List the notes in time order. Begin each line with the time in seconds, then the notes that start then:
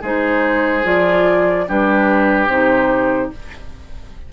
0.00 G#3 D#4 G#4 C5
0.84 F3 F4 D5
1.67 G3 D4 G4 B4
2.47 C3 D#4 C5